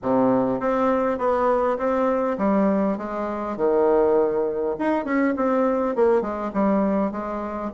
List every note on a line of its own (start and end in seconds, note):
0.02 0.60 C3
0.60 1.18 C4
1.18 1.77 B3
1.77 2.37 C4
2.38 2.97 G3
2.97 3.56 G#3
3.56 4.75 D#3
4.78 5.04 D#4
5.04 5.34 C#4
5.36 5.95 C4
5.95 6.21 A#3
6.21 6.51 G#3
6.53 7.11 G3
7.11 7.71 G#3